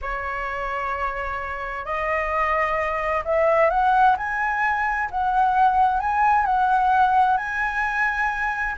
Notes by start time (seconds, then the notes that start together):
0.01 C#5
1.85 D#5
3.25 E5
3.69 F#5
4.17 G#5
5.10 F#5
6.00 G#5
6.45 F#5
7.37 G#5